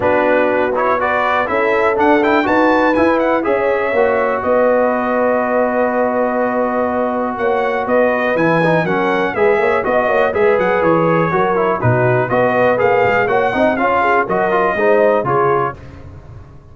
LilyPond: <<
  \new Staff \with { instrumentName = "trumpet" } { \time 4/4 \tempo 4 = 122 b'4. cis''8 d''4 e''4 | fis''8 g''8 a''4 gis''8 fis''8 e''4~ | e''4 dis''2.~ | dis''2. fis''4 |
dis''4 gis''4 fis''4 e''4 | dis''4 e''8 fis''8 cis''2 | b'4 dis''4 f''4 fis''4 | f''4 dis''2 cis''4 | }
  \new Staff \with { instrumentName = "horn" } { \time 4/4 fis'2 b'4 a'4~ | a'4 b'2 cis''4~ | cis''4 b'2.~ | b'2. cis''4 |
b'2 ais'4 b'8 cis''8 | dis''8 cis''8 b'2 ais'4 | fis'4 b'2 cis''8 dis''8 | cis''8 gis'8 ais'4 c''4 gis'4 | }
  \new Staff \with { instrumentName = "trombone" } { \time 4/4 d'4. e'8 fis'4 e'4 | d'8 e'8 fis'4 e'4 gis'4 | fis'1~ | fis'1~ |
fis'4 e'8 dis'8 cis'4 gis'4 | fis'4 gis'2 fis'8 e'8 | dis'4 fis'4 gis'4 fis'8 dis'8 | f'4 fis'8 f'8 dis'4 f'4 | }
  \new Staff \with { instrumentName = "tuba" } { \time 4/4 b2. cis'4 | d'4 dis'4 e'4 cis'4 | ais4 b2.~ | b2. ais4 |
b4 e4 fis4 gis8 ais8 | b8 ais8 gis8 fis8 e4 fis4 | b,4 b4 ais8 gis8 ais8 c'8 | cis'4 fis4 gis4 cis4 | }
>>